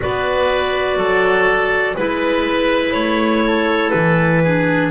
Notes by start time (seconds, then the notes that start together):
0.00 B3 F#4 B4 D5
0.96 F#3 A4
1.95 G#3 E4 B4
2.92 A3 C#5
3.45 A4
3.90 E3 B4
4.43 D4 G#4